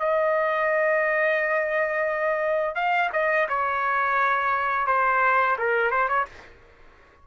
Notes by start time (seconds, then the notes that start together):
0.00 D#5
2.76 F5
3.13 D#5
3.49 C#5
4.87 C5
5.58 A#4
5.91 C5
6.09 C#5